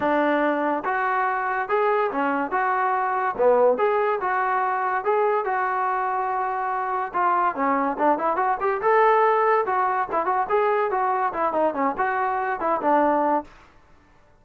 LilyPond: \new Staff \with { instrumentName = "trombone" } { \time 4/4 \tempo 4 = 143 d'2 fis'2 | gis'4 cis'4 fis'2 | b4 gis'4 fis'2 | gis'4 fis'2.~ |
fis'4 f'4 cis'4 d'8 e'8 | fis'8 g'8 a'2 fis'4 | e'8 fis'8 gis'4 fis'4 e'8 dis'8 | cis'8 fis'4. e'8 d'4. | }